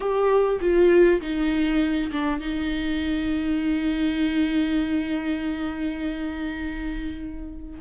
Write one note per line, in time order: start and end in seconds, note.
0.00 0.59 G4
0.60 1.20 F4
1.21 2.11 D#4
2.12 2.40 D4
2.40 7.80 D#4